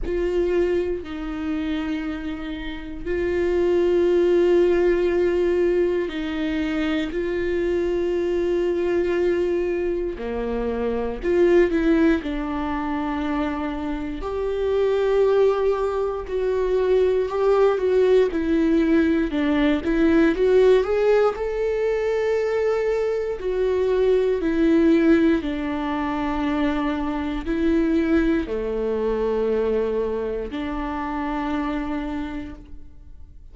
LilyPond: \new Staff \with { instrumentName = "viola" } { \time 4/4 \tempo 4 = 59 f'4 dis'2 f'4~ | f'2 dis'4 f'4~ | f'2 ais4 f'8 e'8 | d'2 g'2 |
fis'4 g'8 fis'8 e'4 d'8 e'8 | fis'8 gis'8 a'2 fis'4 | e'4 d'2 e'4 | a2 d'2 | }